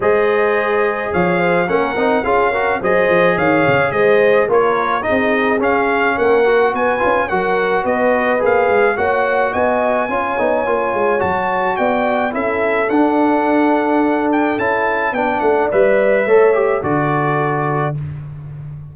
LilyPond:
<<
  \new Staff \with { instrumentName = "trumpet" } { \time 4/4 \tempo 4 = 107 dis''2 f''4 fis''4 | f''4 dis''4 f''4 dis''4 | cis''4 dis''4 f''4 fis''4 | gis''4 fis''4 dis''4 f''4 |
fis''4 gis''2. | a''4 g''4 e''4 fis''4~ | fis''4. g''8 a''4 g''8 fis''8 | e''2 d''2 | }
  \new Staff \with { instrumentName = "horn" } { \time 4/4 c''2 cis''8 c''8 ais'4 | gis'8 ais'8 c''4 cis''4 c''4 | ais'4 gis'2 ais'4 | b'4 ais'4 b'2 |
cis''4 dis''4 cis''2~ | cis''4 d''4 a'2~ | a'2. d''4~ | d''4 cis''4 a'2 | }
  \new Staff \with { instrumentName = "trombone" } { \time 4/4 gis'2. cis'8 dis'8 | f'8 fis'8 gis'2. | f'4 dis'4 cis'4. fis'8~ | fis'8 f'8 fis'2 gis'4 |
fis'2 f'8 dis'8 f'4 | fis'2 e'4 d'4~ | d'2 e'4 d'4 | b'4 a'8 g'8 fis'2 | }
  \new Staff \with { instrumentName = "tuba" } { \time 4/4 gis2 f4 ais8 c'8 | cis'4 fis8 f8 dis8 cis8 gis4 | ais4 c'4 cis'4 ais4 | b8 cis'8 fis4 b4 ais8 gis8 |
ais4 b4 cis'8 b8 ais8 gis8 | fis4 b4 cis'4 d'4~ | d'2 cis'4 b8 a8 | g4 a4 d2 | }
>>